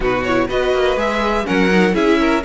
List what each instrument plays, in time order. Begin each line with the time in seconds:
0.00 cello B2, viola D#4, violin F#4 B4
0.23 viola E4, violin C#5
0.47 cello B3, viola F#4, violin B4 D#5
0.73 cello A#3
0.96 cello G#3, viola G#4, violin E5
1.44 cello F#3, viola C#4, violin A#4 F#5
1.70 viola D#4
1.92 cello C#4, viola E4, violin G#4 E5
2.19 violin A#4